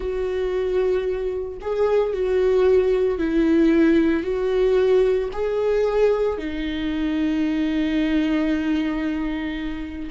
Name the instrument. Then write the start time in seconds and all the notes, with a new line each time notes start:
viola
0.00 F#4
1.61 G#4
2.13 F#4
3.18 E4
4.23 F#4
5.32 G#4
6.38 D#4